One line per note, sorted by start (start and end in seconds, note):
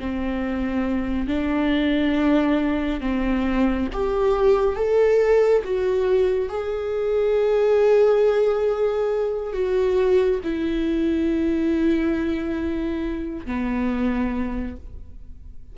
0.00 1.28 C4
1.28 3.01 D4
3.01 3.88 C4
3.93 4.76 G4
4.76 5.63 A4
5.64 6.49 F#4
6.49 9.53 G#4
9.53 10.40 F#4
10.44 13.46 E4
13.46 14.77 B3